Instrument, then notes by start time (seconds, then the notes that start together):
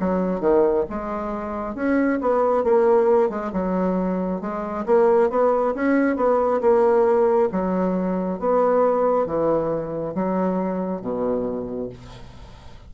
bassoon
0.00 F#3
0.41 D#3
0.90 G#3
1.75 C#4
2.21 B3
2.64 A#3
3.30 G#3
3.53 F#3
4.41 G#3
4.86 A#3
5.30 B3
5.75 C#4
6.16 B3
6.61 A#3
7.52 F#3
8.40 B3
9.26 E3
10.15 F#3
11.01 B2